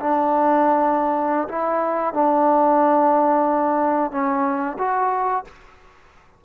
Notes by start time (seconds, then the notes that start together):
0.00 D4
1.48 E4
2.14 D4
4.11 C#4
4.79 F#4